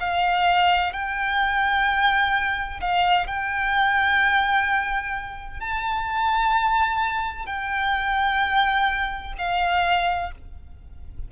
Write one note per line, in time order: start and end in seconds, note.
0.00 0.93 F5
0.93 2.80 G5
2.81 3.27 F5
3.27 5.60 G5
5.60 7.46 A5
7.46 9.33 G5
9.38 10.32 F5